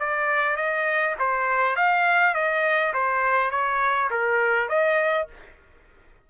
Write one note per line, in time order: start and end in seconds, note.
0.00 0.57 D5
0.57 1.16 D#5
1.20 1.76 C5
1.76 2.35 F5
2.35 2.94 D#5
2.94 3.51 C5
3.51 4.10 C#5
4.11 4.69 A#4
4.69 5.28 D#5